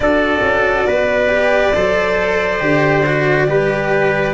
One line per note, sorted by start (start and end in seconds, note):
0.00 0.40 D4
0.00 1.29 F#4
0.00 0.87 A4
0.00 4.33 D5
0.41 0.85 C#4
0.87 1.74 B3
0.87 1.74 B4
1.29 1.72 G4
1.74 2.61 F#3
1.74 2.60 A4
1.74 3.48 C5
2.60 3.48 D3
2.60 3.03 G4
3.05 3.47 F#4
3.47 4.33 G3
3.47 4.33 G4
3.47 4.33 B4